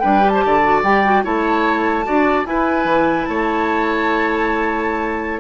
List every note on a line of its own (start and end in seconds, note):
0.00 0.45 G3
0.00 0.20 D4
0.00 0.32 B4
0.00 0.29 G5
0.20 0.61 G4
0.29 0.44 C5
0.29 0.80 A5
0.45 0.83 D3
0.45 1.24 D5
0.63 0.83 F#4
0.83 1.23 G3
0.83 1.05 G4
0.83 1.24 G5
1.05 1.24 F#4
1.24 2.07 A3
1.24 2.04 E4
1.24 2.05 C#5
1.24 2.46 A5
2.04 2.46 D4
2.04 2.45 F#4
2.04 2.47 D5
2.45 5.40 E4
2.45 2.84 E4
2.45 3.29 B4
2.45 3.25 G#5
2.84 3.25 E3
3.25 5.40 A3
3.25 5.40 C#5
3.25 5.39 A5